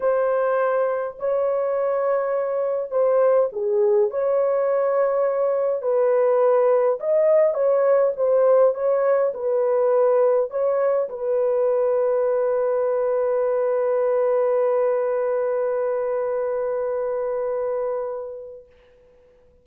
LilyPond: \new Staff \with { instrumentName = "horn" } { \time 4/4 \tempo 4 = 103 c''2 cis''2~ | cis''4 c''4 gis'4 cis''4~ | cis''2 b'2 | dis''4 cis''4 c''4 cis''4 |
b'2 cis''4 b'4~ | b'1~ | b'1~ | b'1 | }